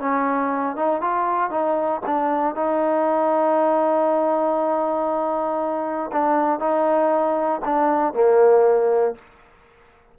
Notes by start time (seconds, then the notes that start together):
0.00 C#4
0.76 D#4
1.01 F4
1.50 D#4
2.06 D4
2.55 D#4
6.12 D4
6.59 D#4
7.65 D4
8.13 A#3